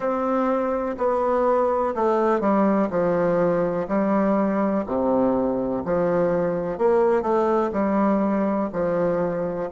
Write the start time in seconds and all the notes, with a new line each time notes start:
0.00 C4
0.97 B3
1.94 A3
2.40 G3
2.90 F3
3.88 G3
4.86 C3
5.84 F3
6.77 A#3
7.22 A3
7.72 G3
8.72 F3